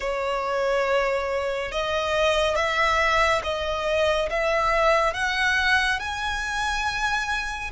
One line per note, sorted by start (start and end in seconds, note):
0.00 1.71 C#5
1.71 2.55 D#5
2.55 3.41 E5
3.43 4.29 D#5
4.29 5.14 E5
5.14 5.99 F#5
5.99 7.71 G#5